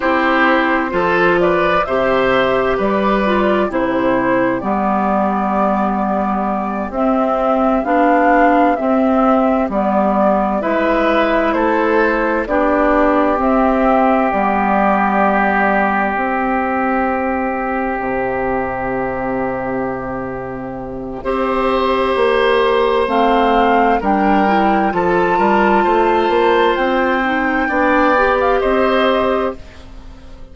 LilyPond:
<<
  \new Staff \with { instrumentName = "flute" } { \time 4/4 \tempo 4 = 65 c''4. d''8 e''4 d''4 | c''4 d''2~ d''8 e''8~ | e''8 f''4 e''4 d''4 e''8~ | e''8 c''4 d''4 e''4 d''8~ |
d''4. e''2~ e''8~ | e''1~ | e''4 f''4 g''4 a''4~ | a''4 g''4.~ g''16 f''16 dis''4 | }
  \new Staff \with { instrumentName = "oboe" } { \time 4/4 g'4 a'8 b'8 c''4 b'4 | g'1~ | g'2.~ g'8 b'8~ | b'8 a'4 g'2~ g'8~ |
g'1~ | g'2. c''4~ | c''2 ais'4 a'8 ais'8 | c''2 d''4 c''4 | }
  \new Staff \with { instrumentName = "clarinet" } { \time 4/4 e'4 f'4 g'4. f'8 | e'4 b2~ b8 c'8~ | c'8 d'4 c'4 b4 e'8~ | e'4. d'4 c'4 b8~ |
b4. c'2~ c'8~ | c'2. g'4~ | g'4 c'4 d'8 e'8 f'4~ | f'4. dis'8 d'8 g'4. | }
  \new Staff \with { instrumentName = "bassoon" } { \time 4/4 c'4 f4 c4 g4 | c4 g2~ g8 c'8~ | c'8 b4 c'4 g4 gis8~ | gis8 a4 b4 c'4 g8~ |
g4. c'2 c8~ | c2. c'4 | ais4 a4 g4 f8 g8 | a8 ais8 c'4 b4 c'4 | }
>>